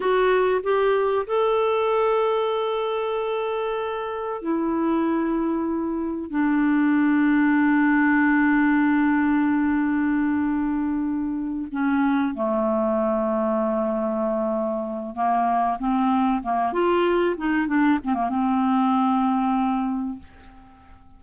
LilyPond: \new Staff \with { instrumentName = "clarinet" } { \time 4/4 \tempo 4 = 95 fis'4 g'4 a'2~ | a'2. e'4~ | e'2 d'2~ | d'1~ |
d'2~ d'8 cis'4 a8~ | a1 | ais4 c'4 ais8 f'4 dis'8 | d'8 c'16 ais16 c'2. | }